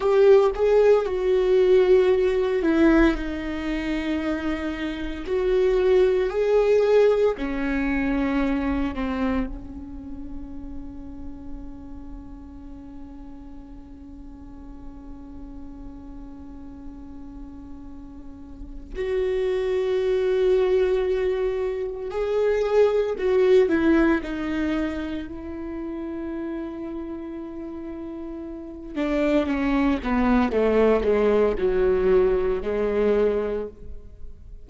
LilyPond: \new Staff \with { instrumentName = "viola" } { \time 4/4 \tempo 4 = 57 g'8 gis'8 fis'4. e'8 dis'4~ | dis'4 fis'4 gis'4 cis'4~ | cis'8 c'8 cis'2.~ | cis'1~ |
cis'2 fis'2~ | fis'4 gis'4 fis'8 e'8 dis'4 | e'2.~ e'8 d'8 | cis'8 b8 a8 gis8 fis4 gis4 | }